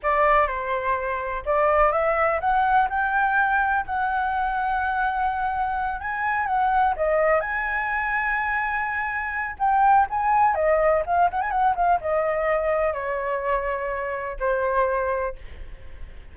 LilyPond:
\new Staff \with { instrumentName = "flute" } { \time 4/4 \tempo 4 = 125 d''4 c''2 d''4 | e''4 fis''4 g''2 | fis''1~ | fis''8 gis''4 fis''4 dis''4 gis''8~ |
gis''1 | g''4 gis''4 dis''4 f''8 fis''16 gis''16 | fis''8 f''8 dis''2 cis''4~ | cis''2 c''2 | }